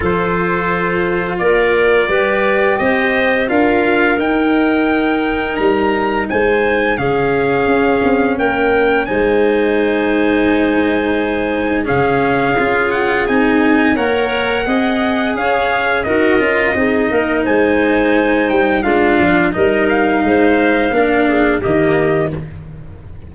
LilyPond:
<<
  \new Staff \with { instrumentName = "trumpet" } { \time 4/4 \tempo 4 = 86 c''2 d''2 | dis''4 f''4 g''2 | ais''4 gis''4 f''2 | g''4 gis''2.~ |
gis''4 f''4. fis''8 gis''4 | fis''2 f''4 dis''4~ | dis''4 gis''4. g''8 f''4 | dis''8 f''2~ f''8 dis''4 | }
  \new Staff \with { instrumentName = "clarinet" } { \time 4/4 a'2 ais'4 b'4 | c''4 ais'2.~ | ais'4 c''4 gis'2 | ais'4 c''2.~ |
c''4 gis'2. | cis''4 dis''4 cis''4 ais'4 | gis'8 ais'8 c''2 f'4 | ais'4 c''4 ais'8 gis'8 g'4 | }
  \new Staff \with { instrumentName = "cello" } { \time 4/4 f'2. g'4~ | g'4 f'4 dis'2~ | dis'2 cis'2~ | cis'4 dis'2.~ |
dis'4 cis'4 f'4 dis'4 | ais'4 gis'2 fis'8 f'8 | dis'2. d'4 | dis'2 d'4 ais4 | }
  \new Staff \with { instrumentName = "tuba" } { \time 4/4 f2 ais4 g4 | c'4 d'4 dis'2 | g4 gis4 cis4 cis'8 c'8 | ais4 gis2.~ |
gis4 cis4 cis'4 c'4 | ais4 c'4 cis'4 dis'8 cis'8 | c'8 ais8 gis4. g8 gis8 f8 | g4 gis4 ais4 dis4 | }
>>